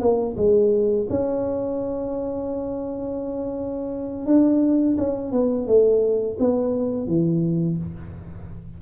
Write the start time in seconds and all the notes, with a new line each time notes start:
0.00 A#3
0.37 G#3
1.09 C#4
4.26 D4
4.97 C#4
5.31 B3
5.67 A3
6.39 B3
7.07 E3